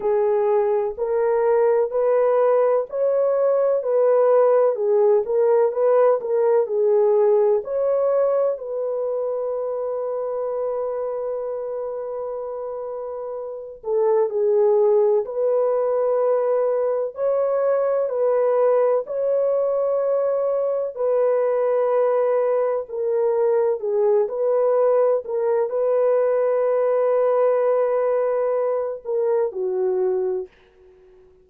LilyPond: \new Staff \with { instrumentName = "horn" } { \time 4/4 \tempo 4 = 63 gis'4 ais'4 b'4 cis''4 | b'4 gis'8 ais'8 b'8 ais'8 gis'4 | cis''4 b'2.~ | b'2~ b'8 a'8 gis'4 |
b'2 cis''4 b'4 | cis''2 b'2 | ais'4 gis'8 b'4 ais'8 b'4~ | b'2~ b'8 ais'8 fis'4 | }